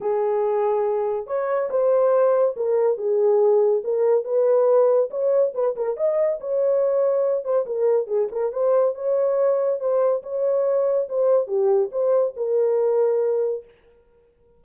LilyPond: \new Staff \with { instrumentName = "horn" } { \time 4/4 \tempo 4 = 141 gis'2. cis''4 | c''2 ais'4 gis'4~ | gis'4 ais'4 b'2 | cis''4 b'8 ais'8 dis''4 cis''4~ |
cis''4. c''8 ais'4 gis'8 ais'8 | c''4 cis''2 c''4 | cis''2 c''4 g'4 | c''4 ais'2. | }